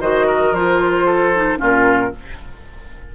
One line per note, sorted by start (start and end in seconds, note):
0.00 0.52 D#3
0.00 0.54 F#4
0.00 0.26 C5
0.00 0.54 D#5
0.26 1.05 A#4
0.52 1.58 F3
0.52 1.35 F4
0.52 1.59 C5
1.06 1.58 A4
1.35 1.57 D#4
1.57 2.13 A#2
1.57 2.10 C#4
1.57 2.12 F4
1.57 2.15 A#4